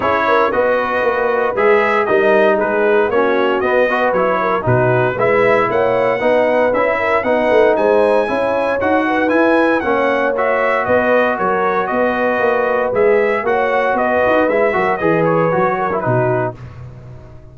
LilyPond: <<
  \new Staff \with { instrumentName = "trumpet" } { \time 4/4 \tempo 4 = 116 cis''4 dis''2 e''4 | dis''4 b'4 cis''4 dis''4 | cis''4 b'4 e''4 fis''4~ | fis''4 e''4 fis''4 gis''4~ |
gis''4 fis''4 gis''4 fis''4 | e''4 dis''4 cis''4 dis''4~ | dis''4 e''4 fis''4 dis''4 | e''4 dis''8 cis''4. b'4 | }
  \new Staff \with { instrumentName = "horn" } { \time 4/4 gis'8 ais'8 b'2. | ais'4 gis'4 fis'4. b'8~ | b'8 ais'8 fis'4 b'4 cis''4 | b'4. ais'8 b'4 c''4 |
cis''4. b'4. cis''4~ | cis''4 b'4 ais'4 b'4~ | b'2 cis''4 b'4~ | b'8 ais'8 b'4. ais'8 fis'4 | }
  \new Staff \with { instrumentName = "trombone" } { \time 4/4 e'4 fis'2 gis'4 | dis'2 cis'4 b8 fis'8 | e'4 dis'4 e'2 | dis'4 e'4 dis'2 |
e'4 fis'4 e'4 cis'4 | fis'1~ | fis'4 gis'4 fis'2 | e'8 fis'8 gis'4 fis'8. e'16 dis'4 | }
  \new Staff \with { instrumentName = "tuba" } { \time 4/4 cis'4 b4 ais4 gis4 | g4 gis4 ais4 b4 | fis4 b,4 gis4 ais4 | b4 cis'4 b8 a8 gis4 |
cis'4 dis'4 e'4 ais4~ | ais4 b4 fis4 b4 | ais4 gis4 ais4 b8 dis'8 | gis8 fis8 e4 fis4 b,4 | }
>>